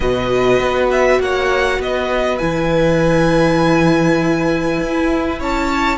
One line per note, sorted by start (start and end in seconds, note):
0.00 0.59 B2
0.00 2.39 F#4
0.00 1.21 B4
0.00 0.88 D#5
0.59 1.19 B3
0.91 1.21 E5
1.19 1.78 A#3
1.19 1.80 C#5
1.19 1.81 F#5
1.78 2.38 B3
1.78 5.39 B4
1.78 2.38 D#5
2.38 4.80 E3
2.38 5.98 E4
2.38 5.38 G#5
4.80 5.40 E4
5.39 5.98 C#4
5.39 5.98 C#5
5.39 5.98 A5